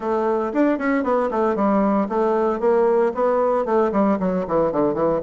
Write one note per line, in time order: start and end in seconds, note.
0.00 0.52 A3
0.53 0.78 D4
0.78 1.03 C#4
1.03 1.29 B3
1.30 1.55 A3
1.55 2.07 G3
2.09 2.60 A3
2.60 3.12 A#3
3.14 3.65 B3
3.65 3.91 A3
3.91 4.17 G3
4.19 4.45 F#3
4.47 4.72 E3
4.72 4.94 D3
4.94 5.20 E3